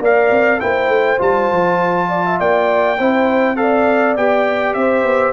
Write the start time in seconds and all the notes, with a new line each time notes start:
0.00 A#3 A#4 D5 F5
0.31 C4
0.60 A#3 E4 C5 G5
0.88 A3
1.18 G3 F4 A5
1.51 F3
2.09 D5
2.26 E5
2.40 A#3 D5 G5
2.99 C4 E4 C5
3.56 A4 D5 F5
4.17 B3 G4 G5
4.74 C4 C5 E5
5.04 B3